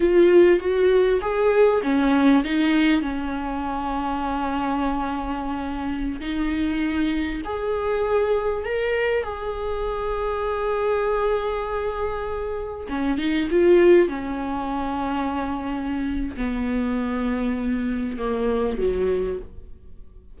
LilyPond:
\new Staff \with { instrumentName = "viola" } { \time 4/4 \tempo 4 = 99 f'4 fis'4 gis'4 cis'4 | dis'4 cis'2.~ | cis'2~ cis'16 dis'4.~ dis'16~ | dis'16 gis'2 ais'4 gis'8.~ |
gis'1~ | gis'4~ gis'16 cis'8 dis'8 f'4 cis'8.~ | cis'2. b4~ | b2 ais4 fis4 | }